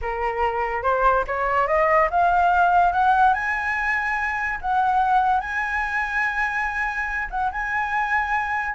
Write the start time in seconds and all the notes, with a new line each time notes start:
0.01 A#4
0.82 C5
1.27 C#5
1.67 D#5
2.10 F5
2.92 F#5
3.33 G#5
4.61 F#5
5.40 G#5
7.30 F#5
7.51 G#5